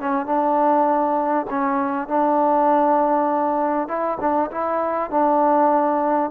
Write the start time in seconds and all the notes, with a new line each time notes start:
0.00 C#4
0.26 D4
1.50 C#4
2.08 D4
3.88 E4
4.20 D4
4.51 E4
5.10 D4